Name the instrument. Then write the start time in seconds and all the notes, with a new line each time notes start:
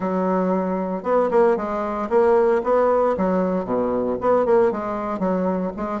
bassoon
0.00 F#3
1.03 B3
1.30 A#3
1.56 G#3
2.09 A#3
2.63 B3
3.17 F#3
3.65 B2
4.20 B3
4.45 A#3
4.71 G#3
5.19 F#3
5.76 G#3